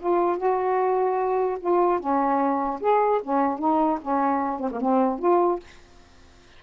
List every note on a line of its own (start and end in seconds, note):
0.00 0.38 F4
0.38 1.59 F#4
1.60 2.00 F4
2.00 2.80 C#4
2.81 3.21 G#4
3.23 3.59 C#4
3.59 3.99 D#4
4.02 4.60 C#4
4.60 4.70 C4
4.72 4.81 A#3
4.81 5.19 C4
5.19 5.60 F4